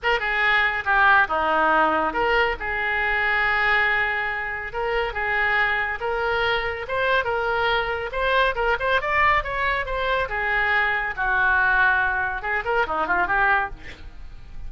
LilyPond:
\new Staff \with { instrumentName = "oboe" } { \time 4/4 \tempo 4 = 140 ais'8 gis'4. g'4 dis'4~ | dis'4 ais'4 gis'2~ | gis'2. ais'4 | gis'2 ais'2 |
c''4 ais'2 c''4 | ais'8 c''8 d''4 cis''4 c''4 | gis'2 fis'2~ | fis'4 gis'8 ais'8 dis'8 f'8 g'4 | }